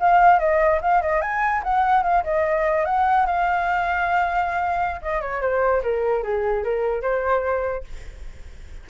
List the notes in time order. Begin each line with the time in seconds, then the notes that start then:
0.00 F5
0.39 D#5
0.82 F5
1.02 D#5
1.21 G#5
1.63 F#5
2.03 F5
2.24 D#5
2.85 F#5
3.26 F5
5.02 D#5
5.21 C#5
5.41 C5
5.83 A#4
6.23 G#4
6.64 A#4
7.02 C5